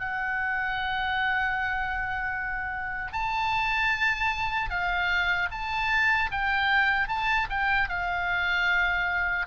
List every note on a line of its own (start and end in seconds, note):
0.00 3.13 F#5
3.13 4.70 A5
4.70 5.49 F5
5.52 6.31 A5
6.32 7.08 G5
7.08 7.48 A5
7.50 7.89 G5
7.89 9.47 F5